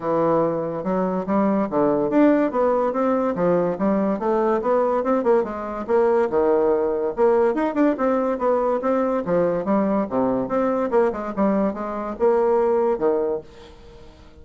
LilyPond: \new Staff \with { instrumentName = "bassoon" } { \time 4/4 \tempo 4 = 143 e2 fis4 g4 | d4 d'4 b4 c'4 | f4 g4 a4 b4 | c'8 ais8 gis4 ais4 dis4~ |
dis4 ais4 dis'8 d'8 c'4 | b4 c'4 f4 g4 | c4 c'4 ais8 gis8 g4 | gis4 ais2 dis4 | }